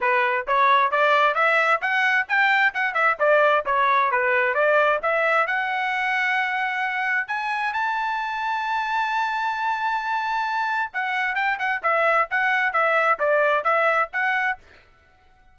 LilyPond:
\new Staff \with { instrumentName = "trumpet" } { \time 4/4 \tempo 4 = 132 b'4 cis''4 d''4 e''4 | fis''4 g''4 fis''8 e''8 d''4 | cis''4 b'4 d''4 e''4 | fis''1 |
gis''4 a''2.~ | a''1 | fis''4 g''8 fis''8 e''4 fis''4 | e''4 d''4 e''4 fis''4 | }